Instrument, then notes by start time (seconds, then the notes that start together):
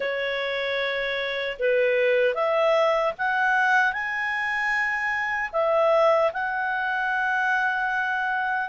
clarinet
0.00 C#5
1.59 B4
2.34 E5
3.18 F#5
3.92 G#5
5.52 E5
6.32 F#5